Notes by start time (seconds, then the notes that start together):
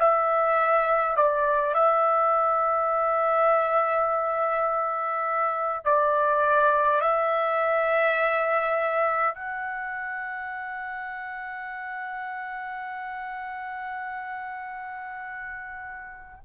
0.00 E5
1.17 D5
1.74 E5
5.85 D5
7.01 E5
9.35 F#5